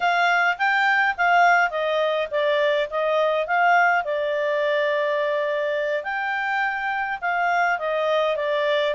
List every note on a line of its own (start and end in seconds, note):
0.00 0.57 F5
0.57 1.15 G5
1.17 1.70 F5
1.70 2.28 D#5
2.31 2.88 D5
2.90 3.46 D#5
3.46 4.04 F5
4.04 6.03 D5
6.03 7.19 G5
7.21 7.78 F5
7.78 8.36 D#5
8.36 8.94 D5